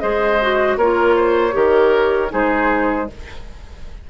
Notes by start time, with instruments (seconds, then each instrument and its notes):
0.00 bassoon G#3, clarinet G#4, oboe C5, flute D#5
0.42 clarinet F#4
0.77 bassoon A#3, clarinet F4, oboe A#4, flute C#5
1.16 oboe C5
1.52 bassoon D#3, clarinet G4, oboe A#4
2.30 bassoon G#3, clarinet D#4, oboe G#4, flute C5